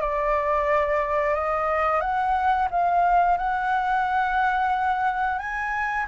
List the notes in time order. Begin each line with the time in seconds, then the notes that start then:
0.00 D5
1.34 D#5
2.00 F#5
2.70 F5
3.37 F#5
5.38 G#5